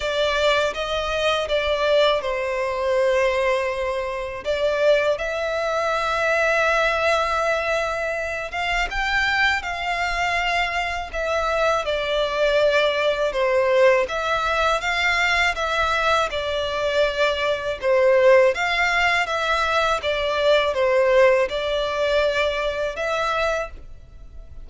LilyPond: \new Staff \with { instrumentName = "violin" } { \time 4/4 \tempo 4 = 81 d''4 dis''4 d''4 c''4~ | c''2 d''4 e''4~ | e''2.~ e''8 f''8 | g''4 f''2 e''4 |
d''2 c''4 e''4 | f''4 e''4 d''2 | c''4 f''4 e''4 d''4 | c''4 d''2 e''4 | }